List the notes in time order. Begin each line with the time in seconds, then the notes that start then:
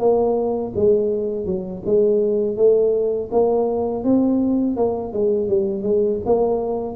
0.00 A#3
0.76 G#3
1.46 F#3
1.86 G#3
2.56 A3
3.32 A#3
4.04 C4
4.77 A#3
5.13 G#3
5.49 G3
5.83 G#3
6.26 A#3